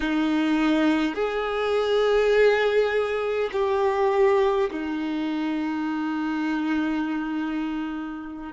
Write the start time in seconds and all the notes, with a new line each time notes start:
0.00 D#4
1.14 G#4
3.52 G4
4.71 D#4